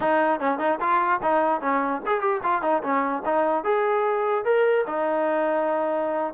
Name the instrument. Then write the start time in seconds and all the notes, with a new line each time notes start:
trombone
0.00 D#4
0.40 C#4
0.58 D#4
0.80 F4
1.22 D#4
1.61 C#4
2.06 G#4
2.20 G4
2.43 F4
2.62 D#4
2.82 C#4
3.25 D#4
3.64 G#4
4.45 A#4
4.86 D#4